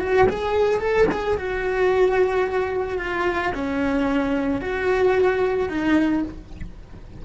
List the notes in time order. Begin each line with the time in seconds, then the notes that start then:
0.00 F#4
0.29 G#4
0.80 A4
1.12 G#4
1.38 F#4
2.99 F4
3.55 C#4
4.61 F#4
5.69 D#4